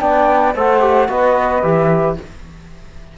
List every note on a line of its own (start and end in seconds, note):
0.00 0.55 B3
0.00 0.54 D4
0.00 0.55 D5
0.00 0.55 G5
0.55 1.09 A3
0.55 0.80 A4
0.55 1.09 C5
0.55 1.11 F#5
0.80 1.07 G4
1.08 1.63 B3
1.08 1.62 F#4
1.08 2.18 B4
1.08 1.64 D#5
1.63 2.17 E3
1.63 2.17 G4
1.63 2.18 E5